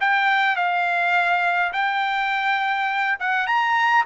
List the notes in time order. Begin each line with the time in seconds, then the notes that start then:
0.00 G5
0.56 F5
1.73 G5
3.19 F#5
3.46 A#5